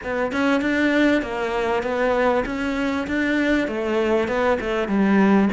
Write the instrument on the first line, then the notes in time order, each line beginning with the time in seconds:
cello
0.03 B3
0.31 C#4
0.61 D4
1.22 A#3
1.82 B3
2.45 C#4
3.07 D4
3.67 A3
4.27 B3
4.60 A3
4.88 G3